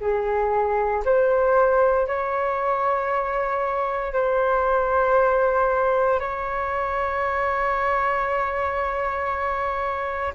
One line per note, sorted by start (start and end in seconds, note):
0.00 1.03 G#4
1.05 2.07 C5
2.07 4.13 C#5
4.13 6.20 C5
6.20 10.34 C#5